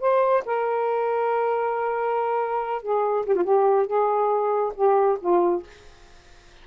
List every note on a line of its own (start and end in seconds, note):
0.00 0.43 C5
0.45 2.82 A#4
2.82 3.25 G#4
3.26 3.35 G4
3.35 3.44 F4
3.44 3.87 G4
3.87 4.73 G#4
4.75 5.18 G4
5.20 5.63 F4